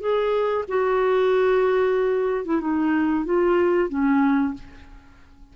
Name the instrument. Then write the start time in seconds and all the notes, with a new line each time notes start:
clarinet
0.00 G#4
0.68 F#4
2.45 E4
2.60 D#4
3.25 F4
3.89 C#4